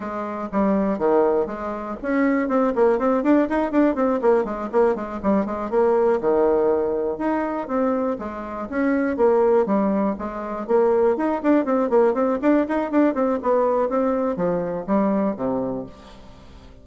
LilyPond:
\new Staff \with { instrumentName = "bassoon" } { \time 4/4 \tempo 4 = 121 gis4 g4 dis4 gis4 | cis'4 c'8 ais8 c'8 d'8 dis'8 d'8 | c'8 ais8 gis8 ais8 gis8 g8 gis8 ais8~ | ais8 dis2 dis'4 c'8~ |
c'8 gis4 cis'4 ais4 g8~ | g8 gis4 ais4 dis'8 d'8 c'8 | ais8 c'8 d'8 dis'8 d'8 c'8 b4 | c'4 f4 g4 c4 | }